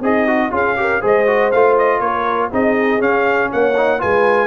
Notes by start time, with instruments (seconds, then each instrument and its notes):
0.00 tuba C4, horn D#4, trombone G#4, trumpet D#5
0.27 trombone F#4
0.50 tuba C#4, trombone F4, horn G#4, trumpet F5
0.76 trombone G4, horn A#4
1.00 tuba G#3, trombone G#4, horn C5, trumpet D#5
1.26 trombone F#4
1.51 tuba A3, trombone F4, trumpet F5
1.78 trumpet D#5
2.00 tuba A#3, horn A#4, trumpet C#5
2.50 tuba C4, trombone D#4, horn G#4, trumpet D#5
2.98 trombone C#4, tuba C#4, trumpet F5
3.52 tuba A#3, horn C#5, trumpet F#5
3.76 trombone D#4
3.98 tuba G#3, trombone F4, horn B4, trumpet G#5